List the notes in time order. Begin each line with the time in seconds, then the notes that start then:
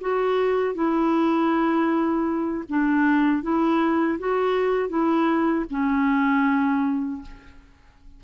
0.00 F#4
0.74 E4
2.69 D4
3.42 E4
4.19 F#4
4.89 E4
5.70 C#4